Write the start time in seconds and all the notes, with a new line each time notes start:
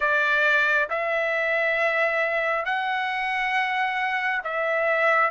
0.00 D5
0.89 E5
2.65 F#5
4.44 E5